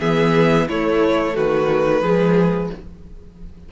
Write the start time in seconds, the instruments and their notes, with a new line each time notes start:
0.00 cello E3, viola B3, violin G#4 E5
0.68 viola A3, cello A3, violin E4 C#5
1.35 cello D#3, violin F#4 B4
2.02 cello F3, viola G#3, violin G#4